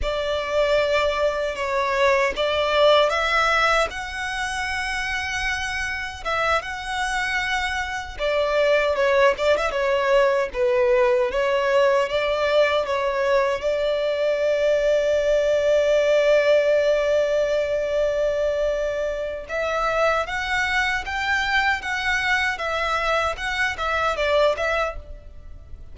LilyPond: \new Staff \with { instrumentName = "violin" } { \time 4/4 \tempo 4 = 77 d''2 cis''4 d''4 | e''4 fis''2. | e''8 fis''2 d''4 cis''8 | d''16 e''16 cis''4 b'4 cis''4 d''8~ |
d''8 cis''4 d''2~ d''8~ | d''1~ | d''4 e''4 fis''4 g''4 | fis''4 e''4 fis''8 e''8 d''8 e''8 | }